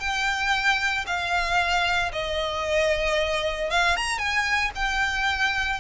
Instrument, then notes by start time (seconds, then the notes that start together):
violin
0.00 G5
1.07 F5
2.12 D#5
3.71 F5
3.96 A#5
4.18 G#5
4.75 G5